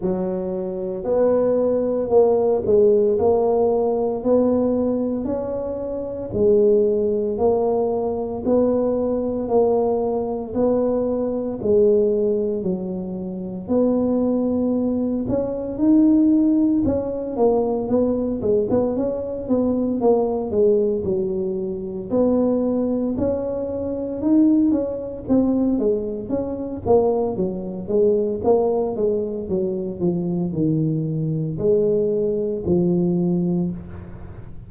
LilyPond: \new Staff \with { instrumentName = "tuba" } { \time 4/4 \tempo 4 = 57 fis4 b4 ais8 gis8 ais4 | b4 cis'4 gis4 ais4 | b4 ais4 b4 gis4 | fis4 b4. cis'8 dis'4 |
cis'8 ais8 b8 gis16 b16 cis'8 b8 ais8 gis8 | fis4 b4 cis'4 dis'8 cis'8 | c'8 gis8 cis'8 ais8 fis8 gis8 ais8 gis8 | fis8 f8 dis4 gis4 f4 | }